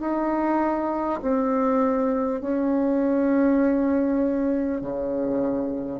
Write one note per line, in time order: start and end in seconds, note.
0.00 1.20 D#4
1.22 2.41 C4
2.41 4.81 C#4
4.81 5.99 C#3